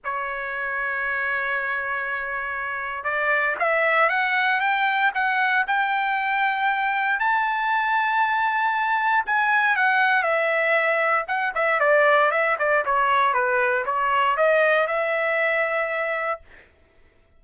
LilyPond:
\new Staff \with { instrumentName = "trumpet" } { \time 4/4 \tempo 4 = 117 cis''1~ | cis''2 d''4 e''4 | fis''4 g''4 fis''4 g''4~ | g''2 a''2~ |
a''2 gis''4 fis''4 | e''2 fis''8 e''8 d''4 | e''8 d''8 cis''4 b'4 cis''4 | dis''4 e''2. | }